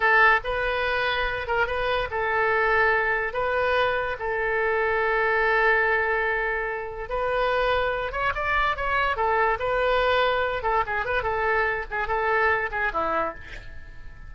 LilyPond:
\new Staff \with { instrumentName = "oboe" } { \time 4/4 \tempo 4 = 144 a'4 b'2~ b'8 ais'8 | b'4 a'2. | b'2 a'2~ | a'1~ |
a'4 b'2~ b'8 cis''8 | d''4 cis''4 a'4 b'4~ | b'4. a'8 gis'8 b'8 a'4~ | a'8 gis'8 a'4. gis'8 e'4 | }